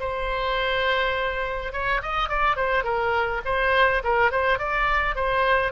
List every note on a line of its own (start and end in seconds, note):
0.00 1.73 C5
1.73 2.02 C#5
2.03 2.29 D#5
2.29 2.56 D5
2.56 2.84 C5
2.84 3.42 A#4
3.45 4.03 C5
4.04 4.32 A#4
4.32 4.59 C5
4.59 5.16 D5
5.16 5.73 C5